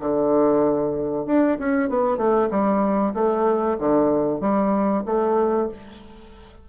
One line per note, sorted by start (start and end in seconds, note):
0.00 1.26 D3
1.26 1.58 D4
1.59 1.90 C#4
1.90 2.18 B3
2.18 2.49 A3
2.51 3.14 G3
3.15 3.78 A3
3.79 4.41 D3
4.41 5.04 G3
5.06 5.69 A3